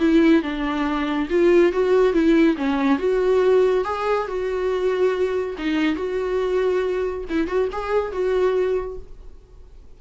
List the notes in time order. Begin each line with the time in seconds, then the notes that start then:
0.00 E4
0.43 D4
1.30 F4
1.72 F#4
2.14 E4
2.57 C#4
2.99 F#4
3.85 G#4
4.28 F#4
5.58 D#4
5.96 F#4
7.30 E4
7.47 F#4
7.72 G#4
8.12 F#4